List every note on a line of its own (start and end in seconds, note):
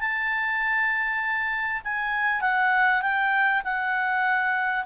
0.00 1.82 A5
1.84 2.41 G#5
2.41 3.02 F#5
3.02 3.62 G5
3.64 4.85 F#5